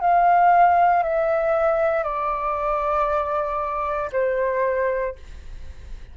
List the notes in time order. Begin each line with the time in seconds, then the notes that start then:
0.00 F5
1.03 E5
2.04 D5
4.12 C5